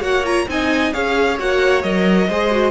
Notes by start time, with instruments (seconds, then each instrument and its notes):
0.00 cello A#3, viola F#4, violin C#5 F#5
0.25 viola F4, violin A#5
0.47 cello C4, viola D#4, violin D#5 G#5
0.93 cello C#4, viola G#4, violin C#5 F5
1.39 cello A#3, viola F#4, violin F#5
1.82 cello F#3, viola A#4, violin D#5
2.28 cello G#3, viola G#4, violin C5
2.51 viola F#4